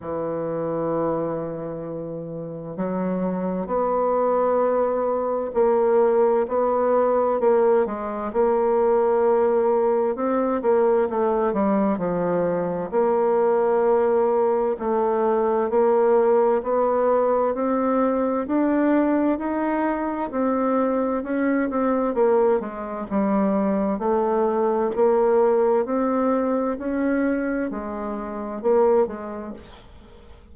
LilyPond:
\new Staff \with { instrumentName = "bassoon" } { \time 4/4 \tempo 4 = 65 e2. fis4 | b2 ais4 b4 | ais8 gis8 ais2 c'8 ais8 | a8 g8 f4 ais2 |
a4 ais4 b4 c'4 | d'4 dis'4 c'4 cis'8 c'8 | ais8 gis8 g4 a4 ais4 | c'4 cis'4 gis4 ais8 gis8 | }